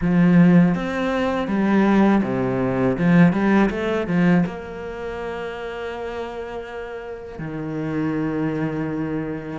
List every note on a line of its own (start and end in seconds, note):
0.01 0.74 F3
0.74 1.47 C4
1.47 2.22 G3
2.23 2.97 C3
2.98 3.32 F3
3.32 3.69 G3
3.70 4.07 A3
4.07 4.44 F3
4.46 7.38 A#3
7.38 9.59 D#3